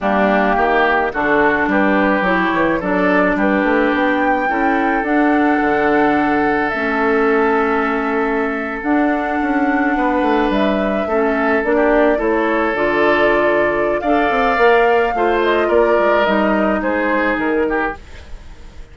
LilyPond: <<
  \new Staff \with { instrumentName = "flute" } { \time 4/4 \tempo 4 = 107 g'2 a'4 b'4 | cis''4 d''4 b'4 g''4~ | g''4 fis''2. | e''2.~ e''8. fis''16~ |
fis''2~ fis''8. e''4~ e''16~ | e''8. d''4 cis''4 d''4~ d''16~ | d''4 f''2~ f''8 dis''8 | d''4 dis''4 c''4 ais'4 | }
  \new Staff \with { instrumentName = "oboe" } { \time 4/4 d'4 g'4 fis'4 g'4~ | g'4 a'4 g'2 | a'1~ | a'1~ |
a'4.~ a'16 b'2 a'16~ | a'4 g'8. a'2~ a'16~ | a'4 d''2 c''4 | ais'2 gis'4. g'8 | }
  \new Staff \with { instrumentName = "clarinet" } { \time 4/4 ais2 d'2 | e'4 d'2. | e'4 d'2. | cis'2.~ cis'8. d'16~ |
d'2.~ d'8. cis'16~ | cis'8. d'4 e'4 f'4~ f'16~ | f'4 a'4 ais'4 f'4~ | f'4 dis'2. | }
  \new Staff \with { instrumentName = "bassoon" } { \time 4/4 g4 dis4 d4 g4 | fis8 e8 fis4 g8 a8 b4 | cis'4 d'4 d2 | a2.~ a8. d'16~ |
d'8. cis'4 b8 a8 g4 a16~ | a8. ais4 a4 d4~ d16~ | d4 d'8 c'8 ais4 a4 | ais8 gis8 g4 gis4 dis4 | }
>>